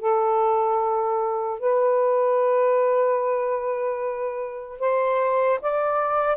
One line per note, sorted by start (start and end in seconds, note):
0.00 1.60 A4
1.60 4.80 B4
4.80 5.60 C5
5.62 6.37 D5